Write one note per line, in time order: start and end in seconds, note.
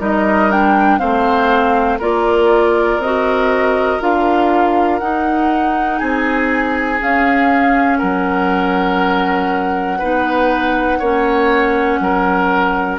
0.00 1.00 G3
0.00 0.51 D#4
0.00 1.00 A#4
0.00 0.51 D#5
0.51 1.00 D4
0.51 0.99 G5
0.99 2.01 A3
0.99 2.00 C4
0.99 1.99 C5
0.99 1.99 F5
1.99 2.99 A#3
1.99 3.01 F4
1.99 5.99 A#4
1.99 3.01 D5
2.99 3.99 C4
2.99 4.01 D#5
3.05 4.01 F#4
4.01 5.01 D4
4.01 5.01 F4
4.01 4.99 F5
4.99 6.01 D#4
4.99 7.00 D#4
4.99 5.99 F#5
5.99 7.01 C4
5.99 7.98 G#4
5.99 6.99 G#5
7.00 10.00 C#4
7.00 8.02 C#4
7.00 7.98 F5
7.98 10.02 F#3
7.98 9.98 A#4
7.98 12.98 F#5
9.99 11.00 B3
9.99 11.01 D#4
9.99 10.99 B4
10.99 12.00 A#3
10.99 12.99 C#4
10.99 11.99 C#5
12.00 12.99 F#3
12.00 12.99 A#4